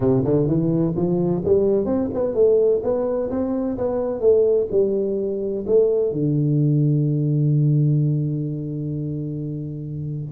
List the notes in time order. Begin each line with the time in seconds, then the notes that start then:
0.00 C3
0.24 D3
0.47 E3
0.96 F3
1.44 G3
1.85 C4
2.14 B3
2.34 A3
2.83 B3
3.30 C4
3.77 B3
4.20 A3
4.71 G3
5.67 A3
6.12 D3